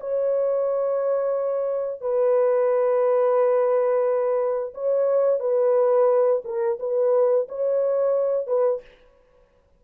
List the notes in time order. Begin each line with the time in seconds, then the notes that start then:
0.00 C#5
2.01 B4
4.74 C#5
5.40 B4
6.44 A#4
6.79 B4
7.48 C#5
8.47 B4